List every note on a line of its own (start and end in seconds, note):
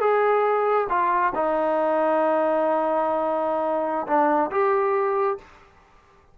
0.00 0.87 G#4
0.89 1.33 F4
1.35 4.06 D#4
4.07 4.50 D4
4.51 5.38 G4